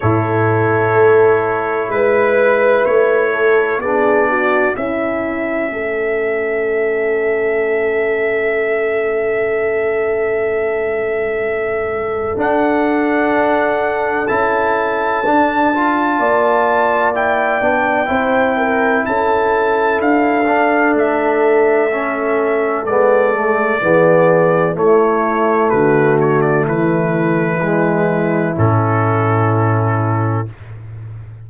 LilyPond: <<
  \new Staff \with { instrumentName = "trumpet" } { \time 4/4 \tempo 4 = 63 cis''2 b'4 cis''4 | d''4 e''2.~ | e''1~ | e''4 fis''2 a''4~ |
a''2 g''2 | a''4 f''4 e''2 | d''2 cis''4 b'8 cis''16 d''16 | b'2 a'2 | }
  \new Staff \with { instrumentName = "horn" } { \time 4/4 a'2 b'4. a'8 | gis'8 fis'8 e'4 a'2~ | a'1~ | a'1~ |
a'4 d''2 c''8 ais'8 | a'1~ | a'4 gis'4 e'4 fis'4 | e'1 | }
  \new Staff \with { instrumentName = "trombone" } { \time 4/4 e'1 | d'4 cis'2.~ | cis'1~ | cis'4 d'2 e'4 |
d'8 f'4. e'8 d'8 e'4~ | e'4. d'4. cis'4 | b8 a8 b4 a2~ | a4 gis4 cis'2 | }
  \new Staff \with { instrumentName = "tuba" } { \time 4/4 a,4 a4 gis4 a4 | b4 cis'4 a2~ | a1~ | a4 d'2 cis'4 |
d'4 ais4. b8 c'4 | cis'4 d'4 a2 | gis4 e4 a4 d4 | e2 a,2 | }
>>